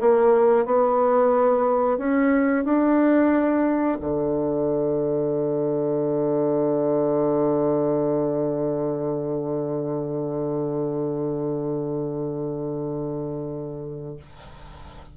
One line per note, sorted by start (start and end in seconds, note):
0.00 0.65 A#3
0.65 1.98 B3
1.98 2.65 C#4
2.65 3.98 D4
4.00 14.16 D3